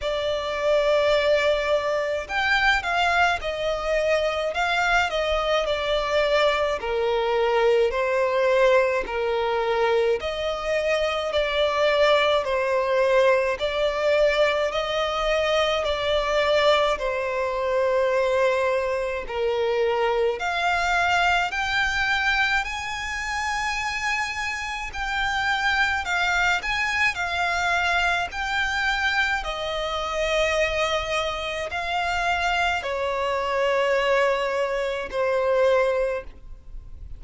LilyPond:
\new Staff \with { instrumentName = "violin" } { \time 4/4 \tempo 4 = 53 d''2 g''8 f''8 dis''4 | f''8 dis''8 d''4 ais'4 c''4 | ais'4 dis''4 d''4 c''4 | d''4 dis''4 d''4 c''4~ |
c''4 ais'4 f''4 g''4 | gis''2 g''4 f''8 gis''8 | f''4 g''4 dis''2 | f''4 cis''2 c''4 | }